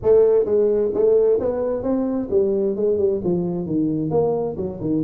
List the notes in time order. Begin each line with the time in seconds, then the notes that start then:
0.02 A3
0.45 G#3
0.93 A3
1.39 B3
1.82 C4
2.30 G3
2.76 G#3
2.98 G3
3.24 F3
3.66 D#3
4.10 A#3
4.56 F#3
4.80 D#3